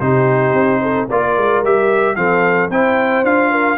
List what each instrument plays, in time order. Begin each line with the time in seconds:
0.00 tuba C3, trombone D#4, horn G4, trumpet C5
0.54 tuba C4
0.82 horn A4
1.10 tuba A#3, trombone F4, horn A#4, trumpet D5
1.37 tuba G#3
1.64 tuba G3, trombone G4, trumpet E5
2.16 tuba F3, trombone C4, horn A4, trumpet F5
2.70 tuba C4, trombone E4, horn C5, trumpet G5
3.24 tuba D4, trombone F4, trumpet F5
3.50 horn A#4